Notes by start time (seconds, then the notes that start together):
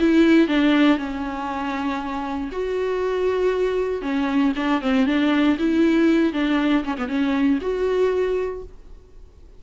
0.00 E4
0.48 D4
0.98 C#4
2.52 F#4
4.02 C#4
4.56 D4
4.81 C4
5.07 D4
5.59 E4
6.33 D4
6.85 C#4
6.98 B3
7.08 C#4
7.62 F#4